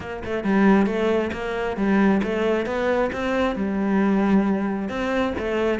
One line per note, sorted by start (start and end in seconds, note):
0.00 0.22 A#3
0.24 0.44 A3
0.44 0.86 G3
0.86 1.30 A3
1.32 1.76 A#3
1.76 2.21 G3
2.23 2.65 A3
2.65 3.10 B3
3.12 3.55 C4
3.55 4.88 G3
4.88 5.33 C4
5.38 5.79 A3